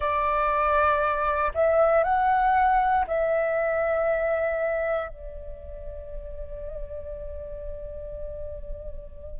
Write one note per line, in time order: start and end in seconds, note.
0.00 1.52 D5
1.54 2.03 E5
2.03 3.05 F#5
3.07 5.08 E5
5.08 9.40 D5